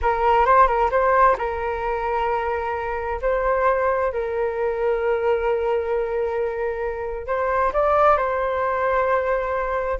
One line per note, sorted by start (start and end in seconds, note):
0.01 0.45 A#4
0.45 0.67 C5
0.67 0.90 A#4
0.90 1.36 C5
1.38 3.20 A#4
3.21 4.12 C5
4.12 7.26 A#4
7.26 7.72 C5
7.73 8.17 D5
8.17 9.99 C5